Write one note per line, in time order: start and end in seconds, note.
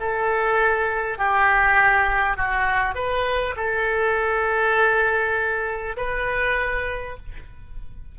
0.00 1.18 A4
1.18 2.37 G4
2.37 2.95 F#4
2.95 3.55 B4
3.56 5.96 A4
5.97 7.17 B4